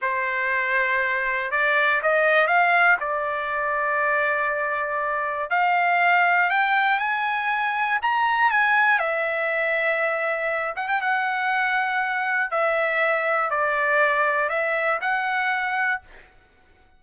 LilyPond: \new Staff \with { instrumentName = "trumpet" } { \time 4/4 \tempo 4 = 120 c''2. d''4 | dis''4 f''4 d''2~ | d''2. f''4~ | f''4 g''4 gis''2 |
ais''4 gis''4 e''2~ | e''4. fis''16 g''16 fis''2~ | fis''4 e''2 d''4~ | d''4 e''4 fis''2 | }